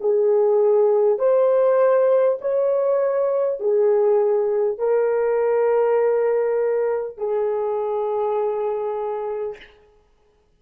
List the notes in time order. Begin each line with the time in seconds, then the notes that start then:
0.00 G#4
1.18 C5
2.41 C#5
3.59 G#4
4.78 A#4
7.17 G#4